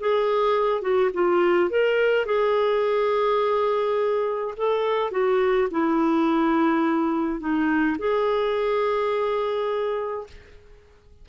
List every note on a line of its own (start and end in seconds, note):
0.00 0.81 G#4
0.81 1.10 F#4
1.13 1.70 F4
1.70 2.25 A#4
2.25 4.54 G#4
4.57 5.11 A4
5.11 5.68 F#4
5.71 7.39 E4
7.39 7.97 D#4
7.98 10.27 G#4